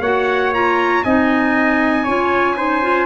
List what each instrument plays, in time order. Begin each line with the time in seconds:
0.00 tuba A#3, clarinet F#4, trumpet C#5 F#5
0.53 clarinet F4, trumpet A#5
1.03 tuba C4, clarinet D#4, trumpet D#5 G#5
2.04 tuba C#4, clarinet F4, trumpet C#5
2.56 clarinet D#4, trumpet C5
2.82 clarinet F4